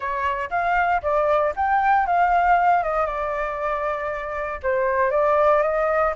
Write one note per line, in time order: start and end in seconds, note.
0.00 0.49 C#5
0.50 1.01 F5
1.02 1.53 D5
1.56 2.06 G5
2.06 2.83 F5
2.83 3.06 D#5
3.06 4.60 D5
4.62 5.10 C5
5.10 5.62 D5
5.62 6.13 D#5